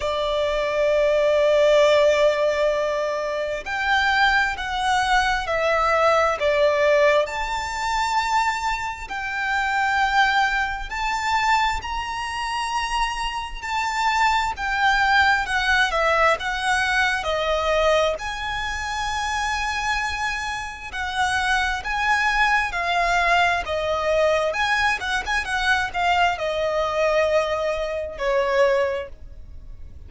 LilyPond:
\new Staff \with { instrumentName = "violin" } { \time 4/4 \tempo 4 = 66 d''1 | g''4 fis''4 e''4 d''4 | a''2 g''2 | a''4 ais''2 a''4 |
g''4 fis''8 e''8 fis''4 dis''4 | gis''2. fis''4 | gis''4 f''4 dis''4 gis''8 fis''16 gis''16 | fis''8 f''8 dis''2 cis''4 | }